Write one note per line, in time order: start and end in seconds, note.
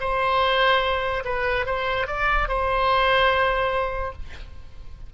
0.00 1.23 C5
1.24 1.66 B4
1.66 2.07 C5
2.07 2.48 D5
2.48 4.12 C5